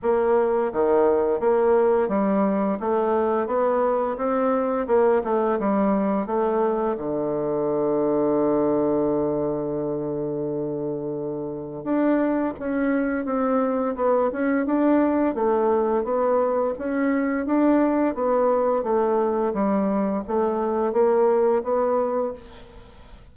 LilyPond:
\new Staff \with { instrumentName = "bassoon" } { \time 4/4 \tempo 4 = 86 ais4 dis4 ais4 g4 | a4 b4 c'4 ais8 a8 | g4 a4 d2~ | d1~ |
d4 d'4 cis'4 c'4 | b8 cis'8 d'4 a4 b4 | cis'4 d'4 b4 a4 | g4 a4 ais4 b4 | }